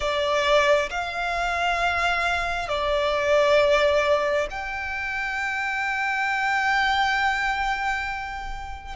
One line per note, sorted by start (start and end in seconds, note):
0.00 0.89 D5
0.90 2.68 F5
2.68 4.47 D5
4.50 8.95 G5